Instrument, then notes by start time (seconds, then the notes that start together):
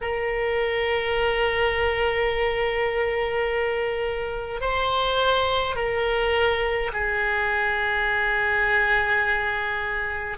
oboe
0.01 A#4
4.60 C5
5.75 A#4
6.92 G#4